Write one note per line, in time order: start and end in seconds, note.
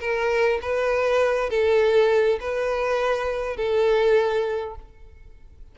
0.00 0.59 A#4
0.62 1.50 B4
1.50 2.39 A4
2.40 3.56 B4
3.56 4.75 A4